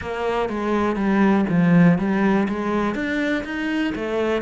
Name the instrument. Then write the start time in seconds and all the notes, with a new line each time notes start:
cello
0.01 A#3
0.49 G#3
0.96 G3
1.49 F3
1.98 G3
2.48 G#3
2.94 D4
3.44 D#4
3.95 A3